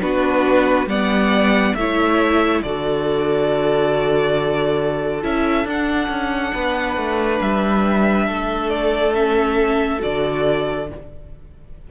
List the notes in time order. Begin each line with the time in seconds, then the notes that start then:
0.00 B3 D4 F#4 B4
0.86 G3 B3 D5 F#5
1.75 A3 E4 C#5 E5
2.62 D3 F#4 A4 D5
5.23 C#4 E4 E5
5.64 D4 F#5
6.09 C#4
6.54 B3 B4
6.97 A3
7.41 G3 E5
8.26 A3 A4
8.70 D5
9.14 C#4 E5
9.99 D3 F#4 D5